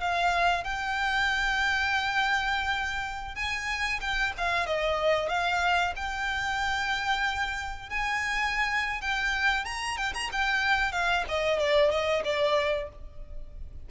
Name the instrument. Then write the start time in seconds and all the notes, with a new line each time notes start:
violin
0.00 F5
0.64 G5
3.35 G#5
4.00 G5
4.37 F5
4.66 D#5
5.29 F5
5.96 G5
7.89 G#5
9.01 G5
9.65 A#5
9.97 G5
10.14 A#5
10.32 G5
10.92 F5
11.28 D#5
11.59 D5
11.90 D#5
12.24 D5